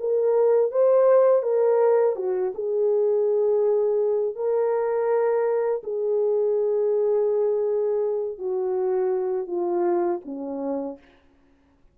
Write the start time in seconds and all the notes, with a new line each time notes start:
0.00 A#4
0.71 C5
1.43 A#4
2.16 F#4
2.55 G#4
4.35 A#4
5.83 G#4
8.38 F#4
9.47 F4
10.25 C#4